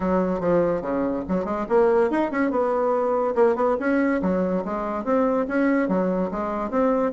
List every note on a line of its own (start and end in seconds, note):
0.00 0.39 F#3
0.39 0.81 F3
0.81 1.23 C#3
1.28 1.45 F#3
1.45 1.66 G#3
1.68 2.10 A#3
2.10 2.31 D#4
2.31 2.51 C#4
2.51 3.35 B3
3.35 3.55 A#3
3.55 3.76 B3
3.79 4.21 C#4
4.22 4.64 F#3
4.64 5.04 G#3
5.04 5.46 C4
5.48 5.88 C#4
5.88 6.30 F#3
6.31 6.70 G#3
6.70 7.12 C4